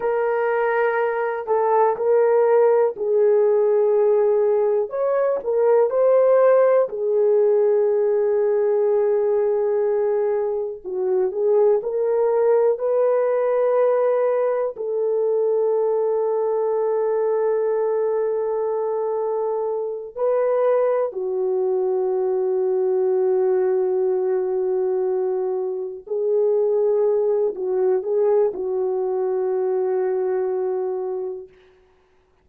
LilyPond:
\new Staff \with { instrumentName = "horn" } { \time 4/4 \tempo 4 = 61 ais'4. a'8 ais'4 gis'4~ | gis'4 cis''8 ais'8 c''4 gis'4~ | gis'2. fis'8 gis'8 | ais'4 b'2 a'4~ |
a'1~ | a'8 b'4 fis'2~ fis'8~ | fis'2~ fis'8 gis'4. | fis'8 gis'8 fis'2. | }